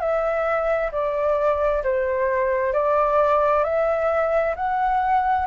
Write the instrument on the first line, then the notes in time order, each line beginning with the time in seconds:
flute
0.00 E5
0.92 D5
1.84 C5
2.73 D5
3.64 E5
4.56 F#5